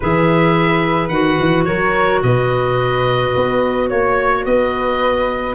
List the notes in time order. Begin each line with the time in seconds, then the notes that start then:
0.00 E3 G#4 B4 E5
1.08 D#3 F#4 F#5
1.39 E3
1.64 F#3 A#4 C#5
2.23 B2 B4 D#5
3.36 B3
3.88 A#3 C#5
4.45 B3 B4 D#5